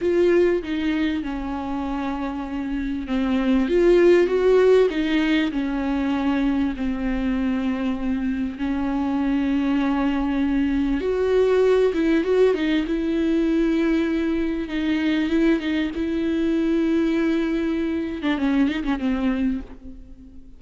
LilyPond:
\new Staff \with { instrumentName = "viola" } { \time 4/4 \tempo 4 = 98 f'4 dis'4 cis'2~ | cis'4 c'4 f'4 fis'4 | dis'4 cis'2 c'4~ | c'2 cis'2~ |
cis'2 fis'4. e'8 | fis'8 dis'8 e'2. | dis'4 e'8 dis'8 e'2~ | e'4.~ e'16 d'16 cis'8 dis'16 cis'16 c'4 | }